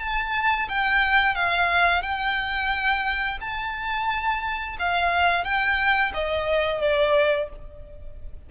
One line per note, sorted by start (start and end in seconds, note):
0.00 0.68 A5
0.69 1.35 G5
1.35 2.02 F5
2.02 3.39 G5
3.41 4.77 A5
4.79 5.44 F5
5.44 6.12 G5
6.14 6.81 D#5
6.81 7.49 D5